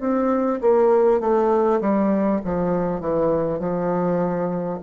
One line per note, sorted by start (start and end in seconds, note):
0.00 0.60 C4
0.62 1.21 A#3
1.21 1.81 A3
1.81 2.41 G3
2.44 3.01 F3
3.01 3.59 E3
3.59 4.79 F3